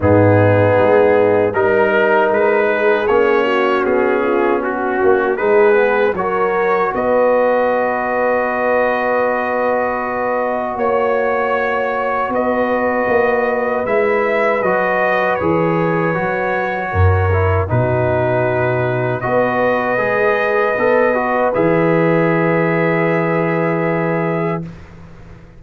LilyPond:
<<
  \new Staff \with { instrumentName = "trumpet" } { \time 4/4 \tempo 4 = 78 gis'2 ais'4 b'4 | cis''4 gis'4 fis'4 b'4 | cis''4 dis''2.~ | dis''2 cis''2 |
dis''2 e''4 dis''4 | cis''2. b'4~ | b'4 dis''2. | e''1 | }
  \new Staff \with { instrumentName = "horn" } { \time 4/4 dis'2 ais'4. gis'8~ | gis'8 fis'4 f'8 fis'4 gis'4 | ais'4 b'2.~ | b'2 cis''2 |
b'1~ | b'2 ais'4 fis'4~ | fis'4 b'2.~ | b'1 | }
  \new Staff \with { instrumentName = "trombone" } { \time 4/4 b2 dis'2 | cis'2. dis'8 b8 | fis'1~ | fis'1~ |
fis'2 e'4 fis'4 | gis'4 fis'4. e'8 dis'4~ | dis'4 fis'4 gis'4 a'8 fis'8 | gis'1 | }
  \new Staff \with { instrumentName = "tuba" } { \time 4/4 gis,4 gis4 g4 gis4 | ais4 b4. ais8 gis4 | fis4 b2.~ | b2 ais2 |
b4 ais4 gis4 fis4 | e4 fis4 fis,4 b,4~ | b,4 b4 gis4 b4 | e1 | }
>>